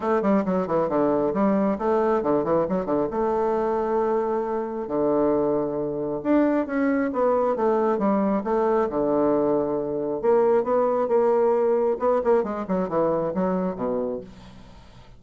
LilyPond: \new Staff \with { instrumentName = "bassoon" } { \time 4/4 \tempo 4 = 135 a8 g8 fis8 e8 d4 g4 | a4 d8 e8 fis8 d8 a4~ | a2. d4~ | d2 d'4 cis'4 |
b4 a4 g4 a4 | d2. ais4 | b4 ais2 b8 ais8 | gis8 fis8 e4 fis4 b,4 | }